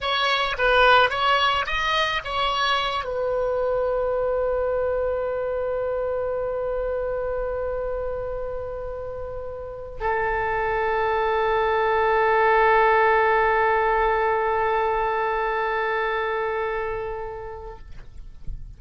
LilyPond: \new Staff \with { instrumentName = "oboe" } { \time 4/4 \tempo 4 = 108 cis''4 b'4 cis''4 dis''4 | cis''4. b'2~ b'8~ | b'1~ | b'1~ |
b'2 a'2~ | a'1~ | a'1~ | a'1 | }